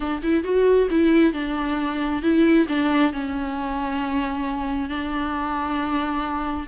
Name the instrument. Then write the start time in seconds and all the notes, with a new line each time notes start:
viola
0.00 D4
0.22 E4
0.44 F#4
0.90 E4
1.33 D4
2.22 E4
2.68 D4
3.13 C#4
4.89 D4